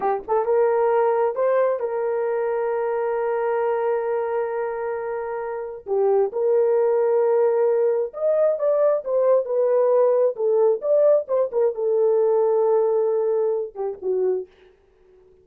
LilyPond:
\new Staff \with { instrumentName = "horn" } { \time 4/4 \tempo 4 = 133 g'8 a'8 ais'2 c''4 | ais'1~ | ais'1~ | ais'4 g'4 ais'2~ |
ais'2 dis''4 d''4 | c''4 b'2 a'4 | d''4 c''8 ais'8 a'2~ | a'2~ a'8 g'8 fis'4 | }